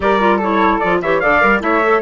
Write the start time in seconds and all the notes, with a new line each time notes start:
0.00 G3 G4 A#4 D5
0.19 F4
0.37 E4 A4 C#5
0.79 F3 F4 D5
1.02 E3 G4 C#5 E5
1.20 D3 A4 D5 F5
1.41 G3 A#4
1.60 A3 E4 C#5 E5
1.83 A4